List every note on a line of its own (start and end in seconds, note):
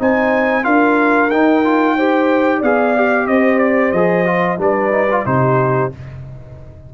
0.00 0.66 C4
0.00 0.63 D#4
0.00 0.65 C5
0.00 0.65 G#5
0.63 1.32 D4
0.63 1.29 F4
0.63 1.97 A#4
0.63 1.31 F5
1.31 2.63 D#4
1.31 1.65 D#4
1.31 2.63 G5
1.65 1.98 F4
1.97 2.64 G4
1.97 2.58 C5
2.58 3.28 B3
2.58 2.97 G#4
2.58 3.24 D5
2.58 3.27 F5
2.97 3.95 G4
3.27 3.93 C4
3.27 4.61 C5
3.27 3.59 D#5
3.59 3.92 D5
3.92 4.59 F3
3.92 4.26 G#4
3.92 4.58 D#5
4.26 4.58 F4
4.58 5.25 G3
4.58 4.91 D4
4.58 5.27 B4
4.58 5.26 D5
4.91 5.07 D#4
5.11 5.26 F4
5.26 5.92 C3
5.26 5.92 D#4
5.26 5.94 G4
5.26 5.92 C5